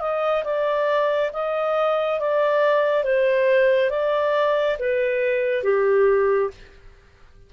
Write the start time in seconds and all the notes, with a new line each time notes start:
0.00 D#5
0.44 D5
1.33 D#5
2.20 D5
3.04 C5
3.91 D5
4.79 B4
5.64 G4